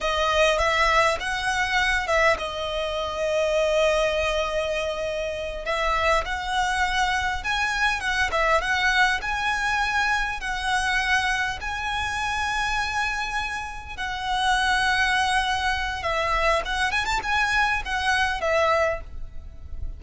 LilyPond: \new Staff \with { instrumentName = "violin" } { \time 4/4 \tempo 4 = 101 dis''4 e''4 fis''4. e''8 | dis''1~ | dis''4. e''4 fis''4.~ | fis''8 gis''4 fis''8 e''8 fis''4 gis''8~ |
gis''4. fis''2 gis''8~ | gis''2.~ gis''8 fis''8~ | fis''2. e''4 | fis''8 gis''16 a''16 gis''4 fis''4 e''4 | }